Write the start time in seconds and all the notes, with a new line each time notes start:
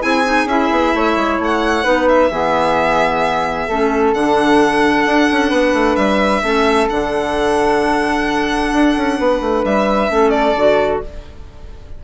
0.00 C4 E4 G#4 G#5
0.25 D#4
0.45 C#4 E4 E5
0.70 B3
0.94 A3 C#5
1.16 G#3
1.38 A3 F#5
1.83 B3 D#4 B4
2.08 E5
2.30 E3 B3 G#4
3.68 A3 C#4 A4
4.13 D3 D4 F#5
5.05 D4
5.31 C#4
5.49 B3 B4
5.73 A3
5.95 G3 E5
6.42 A3 C#4 A4
6.89 D3 D4 F#5
8.72 D4
8.96 C#4
9.18 B3 B4
9.40 A3
9.64 G3 E5
10.09 A3 C#4 A4
10.30 D5
10.55 D3 F#4